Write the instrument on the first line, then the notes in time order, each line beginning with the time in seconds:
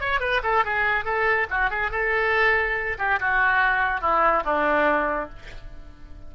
oboe
0.00 C#5
0.20 B4
0.43 A4
0.64 G#4
1.04 A4
1.50 F#4
1.70 G#4
1.91 A4
2.98 G4
3.20 F#4
4.01 E4
4.44 D4